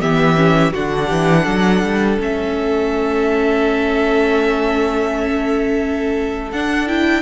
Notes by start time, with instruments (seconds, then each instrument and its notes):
0.00 cello E3, viola B3, violin G4 E5
0.35 viola C#4
0.72 cello D3, viola D4, violin F#4 F#5
1.06 cello E3, violin G4
1.43 cello F#3, violin A4
1.82 cello G3
2.19 cello A3, viola C#4, violin E5
6.51 cello D4, viola D4, violin F#5
6.87 viola E4, violin G5